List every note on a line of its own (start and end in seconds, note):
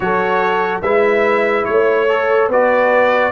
0.00 0.82 F#3
0.00 0.82 F#4
0.00 0.82 A4
0.00 0.81 C#5
0.82 1.65 G#3
0.82 2.08 E4
0.82 1.66 B4
0.82 1.64 E5
1.64 2.48 A3
1.64 2.48 C#5
1.70 2.48 C#5
2.08 2.50 A4
2.48 3.31 B3
2.48 3.32 F#4
2.48 3.32 B4
2.48 3.32 D5